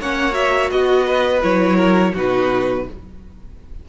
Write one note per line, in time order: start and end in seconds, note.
0.00 0.71 A#3
0.00 0.32 C#4
0.00 0.72 C#5
0.00 0.34 F#5
0.32 1.39 F#4
0.32 0.70 E5
0.71 1.42 B3
0.71 1.07 F#4
0.71 1.43 D#5
1.07 1.76 B4
1.42 2.15 F#3
1.42 2.14 E4
1.42 2.15 C#5
1.76 2.12 A#4
2.14 2.87 B2
2.14 2.87 D#4
2.14 2.85 F#4
2.14 2.89 B4